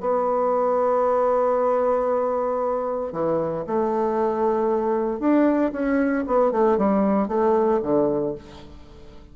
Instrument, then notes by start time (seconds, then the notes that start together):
bassoon
0.00 B3
3.12 E3
3.66 A3
5.19 D4
5.72 C#4
6.27 B3
6.51 A3
6.77 G3
7.28 A3
7.82 D3